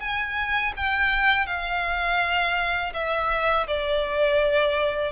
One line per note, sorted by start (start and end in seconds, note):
0.00 0.73 G#5
0.76 1.47 G5
1.47 2.93 F5
2.94 3.67 E5
3.68 5.13 D5